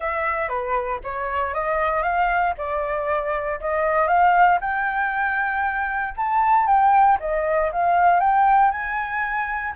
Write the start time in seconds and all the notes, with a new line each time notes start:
0.00 E5
0.48 B4
1.03 C#5
1.54 D#5
2.02 F5
2.57 D5
3.60 D#5
4.07 F5
4.60 G5
6.17 A5
6.66 G5
7.20 D#5
7.72 F5
8.20 G5
8.71 G#5